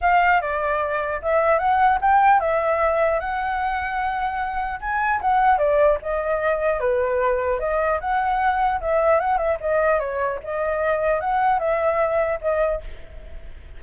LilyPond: \new Staff \with { instrumentName = "flute" } { \time 4/4 \tempo 4 = 150 f''4 d''2 e''4 | fis''4 g''4 e''2 | fis''1 | gis''4 fis''4 d''4 dis''4~ |
dis''4 b'2 dis''4 | fis''2 e''4 fis''8 e''8 | dis''4 cis''4 dis''2 | fis''4 e''2 dis''4 | }